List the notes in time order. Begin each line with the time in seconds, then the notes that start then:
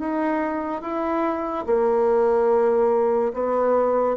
0.00 D#4
0.83 E4
1.67 A#3
3.34 B3